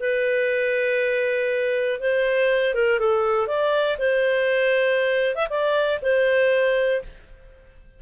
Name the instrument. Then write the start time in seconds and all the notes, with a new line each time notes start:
clarinet
0.00 B4
2.00 C5
2.75 A#4
2.99 A4
3.47 D5
3.98 C5
5.35 E5
5.50 D5
6.02 C5